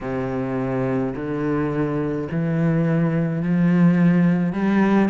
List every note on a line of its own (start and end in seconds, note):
0.00 1.13 C3
1.15 2.28 D3
2.31 3.42 E3
3.42 4.53 F3
4.53 5.09 G3